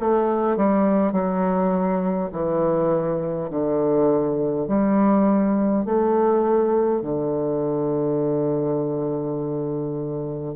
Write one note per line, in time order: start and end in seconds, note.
0.00 0.57 A3
0.57 1.12 G3
1.12 2.30 F#3
2.32 3.50 E3
3.50 4.67 D3
4.67 5.85 G3
5.85 7.02 A3
7.02 10.55 D3